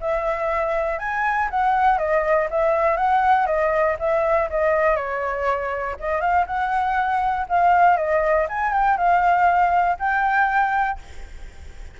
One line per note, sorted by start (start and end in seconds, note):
0.00 0.98 E5
0.98 1.48 G#5
1.50 1.98 F#5
1.98 2.48 D#5
2.50 2.97 E5
2.97 3.46 F#5
3.46 3.96 D#5
3.99 4.49 E5
4.50 4.96 D#5
4.96 5.96 C#5
5.99 6.20 D#5
6.20 6.45 F5
6.46 7.46 F#5
7.48 7.96 F5
7.96 8.46 D#5
8.48 8.72 G#5
8.72 8.97 G5
8.97 9.97 F5
9.99 10.99 G5